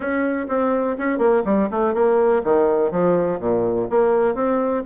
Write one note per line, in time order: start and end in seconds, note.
0.00 0.46 C#4
0.48 0.97 C4
0.98 1.18 C#4
1.18 1.42 A#3
1.44 1.68 G3
1.70 1.94 A3
1.94 2.42 A#3
2.44 2.91 D#3
2.91 3.39 F3
3.39 3.88 A#2
3.90 4.34 A#3
4.34 4.83 C4